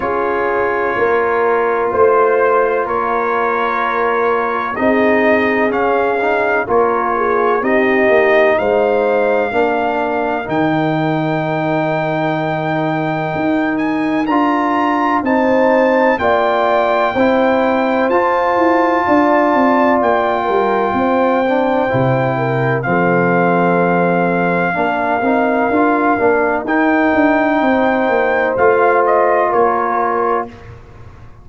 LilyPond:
<<
  \new Staff \with { instrumentName = "trumpet" } { \time 4/4 \tempo 4 = 63 cis''2 c''4 cis''4~ | cis''4 dis''4 f''4 cis''4 | dis''4 f''2 g''4~ | g''2~ g''8 gis''8 ais''4 |
a''4 g''2 a''4~ | a''4 g''2. | f''1 | g''2 f''8 dis''8 cis''4 | }
  \new Staff \with { instrumentName = "horn" } { \time 4/4 gis'4 ais'4 c''4 ais'4~ | ais'4 gis'2 ais'8 gis'8 | g'4 c''4 ais'2~ | ais'1 |
c''4 d''4 c''2 | d''4. ais'8 c''4. ais'8 | a'2 ais'2~ | ais'4 c''2 ais'4 | }
  \new Staff \with { instrumentName = "trombone" } { \time 4/4 f'1~ | f'4 dis'4 cis'8 dis'8 f'4 | dis'2 d'4 dis'4~ | dis'2. f'4 |
dis'4 f'4 e'4 f'4~ | f'2~ f'8 d'8 e'4 | c'2 d'8 dis'8 f'8 d'8 | dis'2 f'2 | }
  \new Staff \with { instrumentName = "tuba" } { \time 4/4 cis'4 ais4 a4 ais4~ | ais4 c'4 cis'4 ais4 | c'8 ais8 gis4 ais4 dis4~ | dis2 dis'4 d'4 |
c'4 ais4 c'4 f'8 e'8 | d'8 c'8 ais8 g8 c'4 c4 | f2 ais8 c'8 d'8 ais8 | dis'8 d'8 c'8 ais8 a4 ais4 | }
>>